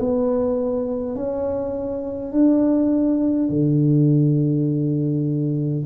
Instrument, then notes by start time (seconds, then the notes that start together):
tuba
0.00 B3
1.16 C#4
2.33 D4
3.50 D3